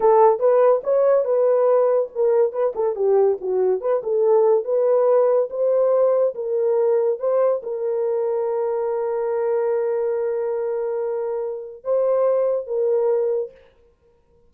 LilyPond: \new Staff \with { instrumentName = "horn" } { \time 4/4 \tempo 4 = 142 a'4 b'4 cis''4 b'4~ | b'4 ais'4 b'8 a'8 g'4 | fis'4 b'8 a'4. b'4~ | b'4 c''2 ais'4~ |
ais'4 c''4 ais'2~ | ais'1~ | ais'1 | c''2 ais'2 | }